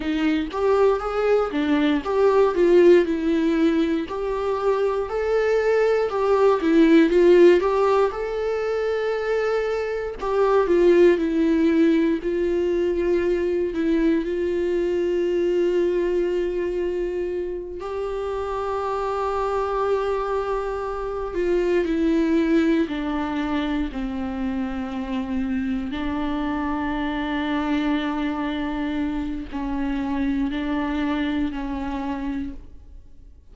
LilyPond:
\new Staff \with { instrumentName = "viola" } { \time 4/4 \tempo 4 = 59 dis'8 g'8 gis'8 d'8 g'8 f'8 e'4 | g'4 a'4 g'8 e'8 f'8 g'8 | a'2 g'8 f'8 e'4 | f'4. e'8 f'2~ |
f'4. g'2~ g'8~ | g'4 f'8 e'4 d'4 c'8~ | c'4. d'2~ d'8~ | d'4 cis'4 d'4 cis'4 | }